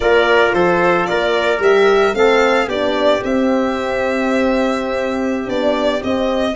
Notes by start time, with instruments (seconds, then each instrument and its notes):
0.00 tuba A#3, horn F4, trumpet A#4, violin D5
0.52 tuba F3, trumpet A4, violin C5
1.06 tuba A#3, trumpet A#4, violin D5
1.59 tuba G3, horn G4, violin E5
2.13 tuba A3, horn C4, trumpet A4, violin F5
2.67 tuba B3, horn D4, trumpet G4, violin D5
3.23 horn C4, tuba C4, violin E5
5.45 tuba B3, horn D4, violin D5
5.99 horn C4, tuba C4, violin D#5